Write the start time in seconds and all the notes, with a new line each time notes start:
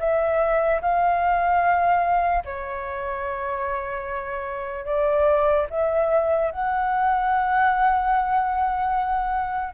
0.00 E5
0.82 F5
2.45 C#5
4.86 D5
5.71 E5
6.52 F#5